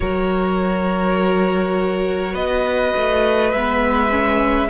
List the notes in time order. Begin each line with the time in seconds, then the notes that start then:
0.00 F#3 F#4 A#4 C#5
2.32 B3 B4 D#5
2.97 A3
3.52 G#3 B3 E5
4.11 C#4